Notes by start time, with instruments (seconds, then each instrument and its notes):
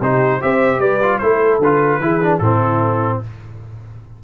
0.00 tuba C3, trombone D#4, horn G4, trumpet C5
0.41 tuba C4, trombone G4, horn C5, trumpet E5
0.79 tuba G3, horn B4, trumpet D5
1.03 trombone F4
1.18 tuba A3, trombone E4, horn A4, trumpet C5
1.59 tuba D3, trombone F4, trumpet B4
1.99 tuba E3, trombone E4, horn G#4
2.22 trombone D4
2.38 tuba A2, trombone C4, horn E4, trumpet A4